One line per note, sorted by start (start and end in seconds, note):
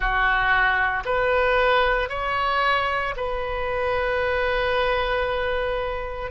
0.00 1.03 F#4
1.05 2.09 B4
2.09 3.14 C#5
3.16 6.31 B4